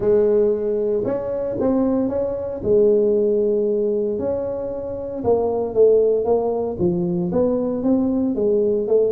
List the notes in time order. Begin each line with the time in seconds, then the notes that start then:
0.00 G#3
1.04 C#4
1.60 C4
2.09 C#4
2.63 G#3
4.19 C#4
5.24 A#3
5.74 A3
6.24 A#3
6.78 F3
7.32 B3
7.83 C4
8.35 G#3
8.87 A3